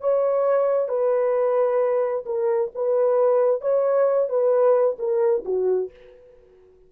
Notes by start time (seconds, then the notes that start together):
0.00 C#5
0.88 B4
2.25 A#4
2.74 B4
3.61 C#5
4.29 B4
4.98 A#4
5.44 F#4